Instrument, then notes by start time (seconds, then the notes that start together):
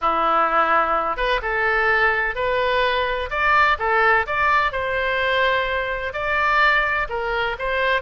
oboe
0.01 E4
1.16 B4
1.42 A4
2.35 B4
3.30 D5
3.78 A4
4.26 D5
4.71 C5
6.13 D5
7.09 A#4
7.58 C5